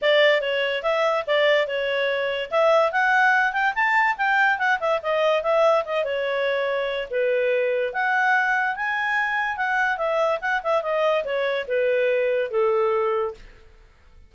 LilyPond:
\new Staff \with { instrumentName = "clarinet" } { \time 4/4 \tempo 4 = 144 d''4 cis''4 e''4 d''4 | cis''2 e''4 fis''4~ | fis''8 g''8 a''4 g''4 fis''8 e''8 | dis''4 e''4 dis''8 cis''4.~ |
cis''4 b'2 fis''4~ | fis''4 gis''2 fis''4 | e''4 fis''8 e''8 dis''4 cis''4 | b'2 a'2 | }